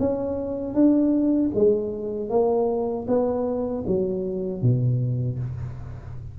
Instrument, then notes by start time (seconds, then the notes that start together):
tuba
0.00 C#4
0.74 D4
1.55 G#3
2.30 A#3
3.08 B3
3.87 F#3
4.63 B2